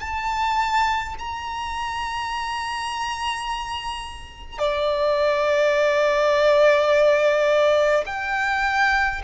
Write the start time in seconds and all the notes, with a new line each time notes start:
0.00 A5
1.19 A#5
4.58 D5
8.06 G5